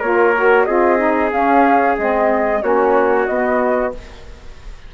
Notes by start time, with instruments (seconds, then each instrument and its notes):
0.00 bassoon A#3, saxophone F4, trumpet A#4, flute C#5
0.36 saxophone F#4
0.64 bassoon C4, saxophone F4, trumpet G#4, flute D#5
0.98 saxophone D#4
1.32 saxophone C#4, bassoon C#4, flute F5
1.98 bassoon G#3, saxophone C4, flute D#5
2.61 bassoon A#3, saxophone C#4, trumpet F#4, flute C#5
3.26 saxophone B3, bassoon B3, flute D#5